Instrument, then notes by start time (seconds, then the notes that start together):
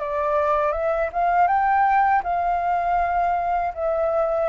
flute
0.00 D5
0.72 E5
1.12 F5
1.47 G5
2.24 F5
3.74 E5